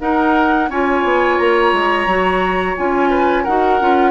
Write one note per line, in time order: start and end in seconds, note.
0.00 0.69 D#4
0.00 0.70 A#4
0.00 0.69 F#5
0.69 1.03 C#4
0.69 2.09 F4
0.69 3.09 C#5
0.69 1.37 G#5
1.03 1.38 B3
1.37 1.72 A#3
1.37 2.75 A#5
1.72 2.06 G#3
2.06 2.75 F#3
2.06 2.76 F#4
2.76 3.47 C#4
2.76 3.45 F4
2.76 3.44 G#5
3.09 3.43 B4
3.43 3.81 D#4
3.43 3.80 F#4
3.43 4.11 A#4
3.43 4.11 F#5
3.80 4.11 C#4
3.80 4.11 F4